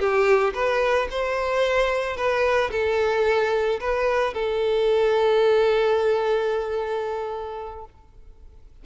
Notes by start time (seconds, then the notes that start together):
0.00 G4
0.54 B4
1.11 C5
2.17 B4
2.72 A4
3.81 B4
4.34 A4